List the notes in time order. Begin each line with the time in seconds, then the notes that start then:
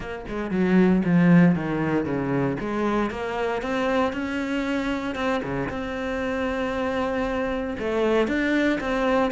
0.00 A#3
0.28 G#3
0.50 F#3
1.04 F3
1.55 D#3
2.05 C#3
2.60 G#3
3.10 A#3
3.62 C4
4.12 C#4
5.15 C4
5.43 C#3
5.69 C4
7.78 A3
8.27 D4
8.80 C4